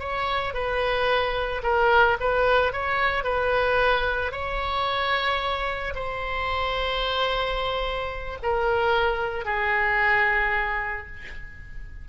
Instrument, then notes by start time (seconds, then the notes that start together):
oboe
0.00 C#5
0.54 B4
1.64 A#4
2.21 B4
2.73 C#5
3.24 B4
4.32 C#5
5.96 C5
8.43 A#4
9.45 G#4